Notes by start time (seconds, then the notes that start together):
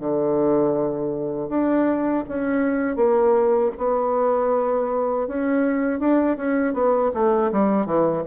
0.00 D3
1.49 D4
2.28 C#4
2.97 A#3
3.78 B3
5.28 C#4
6.00 D4
6.37 C#4
6.74 B3
7.14 A3
7.52 G3
7.86 E3